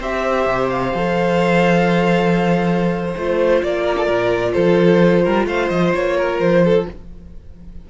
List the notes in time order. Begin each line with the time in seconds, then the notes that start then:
0.00 C4 G4 C5 E5
0.47 C3
0.70 F5
0.94 F3 A4
3.16 A3 F4 C5
3.63 A#3 D5
3.84 A#4
3.97 A4
4.06 A#2 A#4
4.53 F3 A4 C5
5.23 G3 A#4
5.47 A3 C5 F5
5.69 F3 D#5
5.95 A#3 C#5
6.17 A#4
6.40 F3 C5
6.65 A4